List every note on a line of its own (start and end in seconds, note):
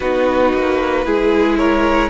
0.00 0.53 B3
0.00 1.05 D#4
0.00 1.05 F#4
0.00 1.57 B4
0.53 1.05 A#3
1.05 2.09 G#3
1.05 2.09 E4
1.05 1.57 G#4
1.57 2.09 A#4
1.57 2.09 C#5